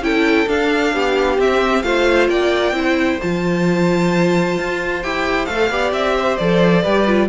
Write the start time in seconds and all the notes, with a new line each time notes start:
0.00 C#4 E4 A4 G5
0.46 D4 F5
0.93 B3 G4
1.38 C4 E5
1.82 A3 F4 C5 F5
2.28 A#3 D5 G5
2.71 C4 E4 C5
3.21 F3 F4 A5
4.58 F4
5.02 E4 G4 G5
5.45 A3 A4 F5
5.70 B3 G4 D5
5.92 C4 E5
6.16 C5
6.37 F3 A4 D5
6.82 G3 G4 B4
7.06 F4